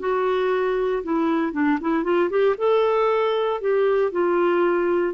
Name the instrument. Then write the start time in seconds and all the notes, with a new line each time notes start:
clarinet
0.00 F#4
1.04 E4
1.53 D4
1.82 E4
2.04 F4
2.30 G4
2.58 A4
3.61 G4
4.12 F4